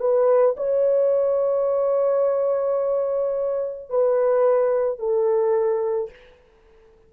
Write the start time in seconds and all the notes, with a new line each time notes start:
0.00 B4
0.57 C#5
3.89 B4
4.98 A4